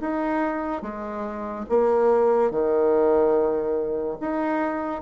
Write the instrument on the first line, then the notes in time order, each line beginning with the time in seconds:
bassoon
0.00 D#4
0.82 G#3
1.69 A#3
2.50 D#3
4.20 D#4